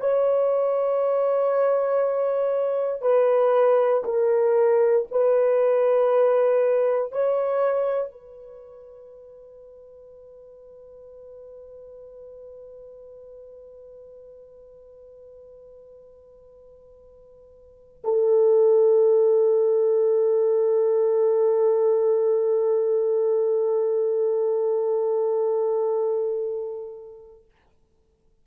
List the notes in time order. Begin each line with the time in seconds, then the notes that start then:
0.00 C#5
3.02 B4
4.05 A#4
5.11 B4
7.12 C#5
8.11 B4
18.04 A4